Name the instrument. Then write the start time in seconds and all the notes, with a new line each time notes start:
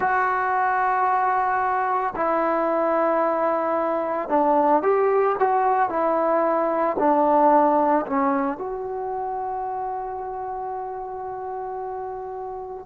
trombone
0.00 F#4
2.15 E4
4.29 D4
4.82 G4
5.39 F#4
5.89 E4
6.98 D4
8.06 C#4
8.57 F#4